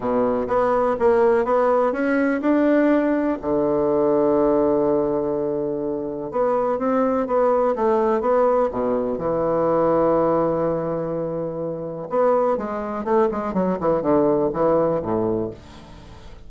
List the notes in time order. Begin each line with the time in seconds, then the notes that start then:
0.00 B2
0.47 B3
0.99 A#3
1.44 B3
1.92 C#4
2.41 D4
3.41 D3
6.31 B3
6.78 C4
7.26 B3
7.75 A3
8.20 B3
8.71 B2
9.18 E3
12.09 B3
12.57 G#3
13.04 A3
13.31 G#3
13.53 F#3
13.80 E3
14.01 D3
14.53 E3
15.02 A2